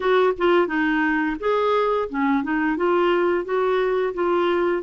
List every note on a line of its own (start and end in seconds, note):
0.00 0.33 F#4
0.38 0.67 F4
0.67 1.36 D#4
1.39 2.08 G#4
2.09 2.43 C#4
2.43 2.76 D#4
2.76 3.44 F4
3.44 4.13 F#4
4.14 4.82 F4